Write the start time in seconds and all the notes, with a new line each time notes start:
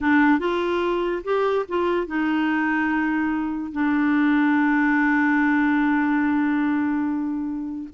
0.00 D4
0.39 F4
1.24 G4
1.68 F4
2.07 D#4
3.72 D4